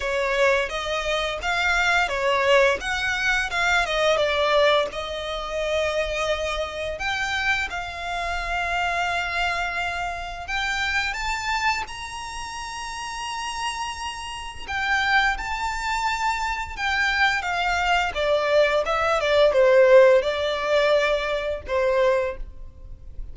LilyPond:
\new Staff \with { instrumentName = "violin" } { \time 4/4 \tempo 4 = 86 cis''4 dis''4 f''4 cis''4 | fis''4 f''8 dis''8 d''4 dis''4~ | dis''2 g''4 f''4~ | f''2. g''4 |
a''4 ais''2.~ | ais''4 g''4 a''2 | g''4 f''4 d''4 e''8 d''8 | c''4 d''2 c''4 | }